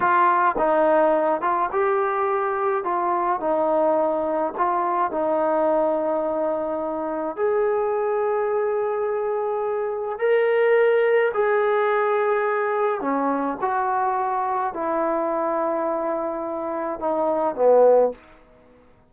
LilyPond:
\new Staff \with { instrumentName = "trombone" } { \time 4/4 \tempo 4 = 106 f'4 dis'4. f'8 g'4~ | g'4 f'4 dis'2 | f'4 dis'2.~ | dis'4 gis'2.~ |
gis'2 ais'2 | gis'2. cis'4 | fis'2 e'2~ | e'2 dis'4 b4 | }